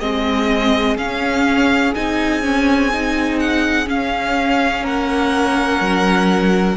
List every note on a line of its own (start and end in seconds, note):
0.00 0.97 G#3
0.00 0.97 C4
0.00 4.83 G#4
0.00 0.97 D#5
0.97 1.94 C#4
0.97 1.94 F5
1.95 3.88 C4
1.95 2.42 D#4
1.95 3.39 G#5
2.42 2.91 C#4
2.93 3.86 D#4
3.39 3.88 F#5
3.86 6.76 C#4
3.86 4.84 C#4
3.86 4.86 F5
4.83 5.80 A#3
4.83 6.77 A#4
4.83 6.77 F#5
5.80 6.77 F#3